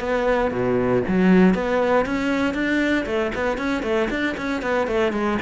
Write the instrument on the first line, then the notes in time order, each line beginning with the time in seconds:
cello
0.00 B3
0.51 B2
1.07 F#3
1.54 B3
2.05 C#4
2.54 D4
3.06 A3
3.34 B3
3.57 C#4
3.83 A3
4.10 D4
4.37 C#4
4.62 B3
4.87 A3
5.12 G#3